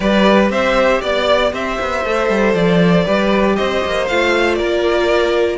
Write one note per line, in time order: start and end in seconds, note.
0.00 0.50 G3
0.00 2.05 G4
0.00 0.51 B4
0.00 0.49 D5
0.50 1.01 C4
0.50 1.01 C5
0.50 1.02 E5
1.01 1.52 B3
1.01 1.52 D5
1.01 1.53 D5
1.52 1.78 C4
1.52 3.04 C5
1.52 2.54 E5
1.80 2.04 B3
2.04 2.29 A3
2.04 3.05 A4
2.29 2.54 G3
2.54 3.04 F3
2.54 3.56 D5
3.04 3.58 G3
3.04 4.07 G4
3.04 3.55 B4
3.56 3.84 C4
3.56 4.57 C5
3.56 4.07 D#5
3.85 4.09 A#3
4.07 4.59 A3
4.07 5.57 F4
4.07 4.54 F5
4.54 5.57 A#3
4.54 5.57 A#4
4.54 5.56 D5